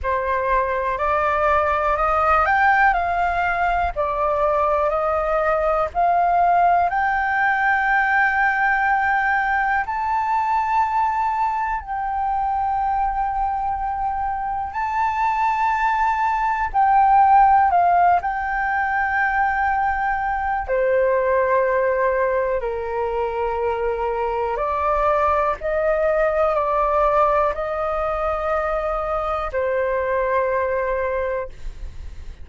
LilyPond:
\new Staff \with { instrumentName = "flute" } { \time 4/4 \tempo 4 = 61 c''4 d''4 dis''8 g''8 f''4 | d''4 dis''4 f''4 g''4~ | g''2 a''2 | g''2. a''4~ |
a''4 g''4 f''8 g''4.~ | g''4 c''2 ais'4~ | ais'4 d''4 dis''4 d''4 | dis''2 c''2 | }